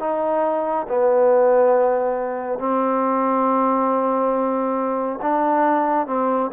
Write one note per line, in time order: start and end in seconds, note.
0.00 0.87 D#4
0.89 2.59 B3
2.59 5.20 C4
5.22 6.07 D4
6.07 6.51 C4